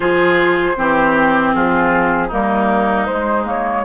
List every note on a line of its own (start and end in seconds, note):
0.00 0.74 F3
0.00 0.75 F4
0.00 0.76 G#4
0.00 1.52 C5
0.76 1.54 E3
0.76 2.30 C4
0.76 1.55 G4
1.53 2.31 F3
1.53 2.27 F4
1.53 2.30 G#4
2.27 3.08 G3
2.27 3.08 A#3
2.27 3.81 D#4
2.27 3.06 A#4
3.06 3.84 G#3
3.06 3.45 G#3
3.06 3.44 C5
3.45 3.83 A#3
3.45 3.84 C#5